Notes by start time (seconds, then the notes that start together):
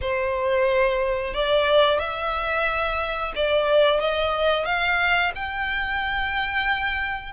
0.01 C5
1.33 D5
1.99 E5
3.35 D5
4.00 D#5
4.65 F5
5.35 G5